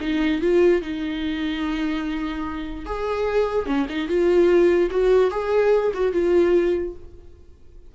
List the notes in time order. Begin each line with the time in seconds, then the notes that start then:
0.00 D#4
0.41 F4
0.81 D#4
2.85 G#4
3.66 C#4
3.89 D#4
4.08 F4
4.90 F#4
5.31 G#4
5.94 F#4
6.12 F4